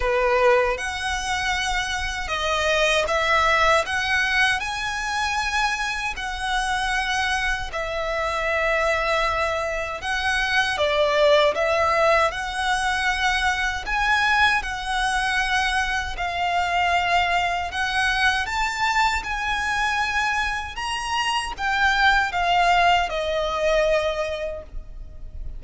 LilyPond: \new Staff \with { instrumentName = "violin" } { \time 4/4 \tempo 4 = 78 b'4 fis''2 dis''4 | e''4 fis''4 gis''2 | fis''2 e''2~ | e''4 fis''4 d''4 e''4 |
fis''2 gis''4 fis''4~ | fis''4 f''2 fis''4 | a''4 gis''2 ais''4 | g''4 f''4 dis''2 | }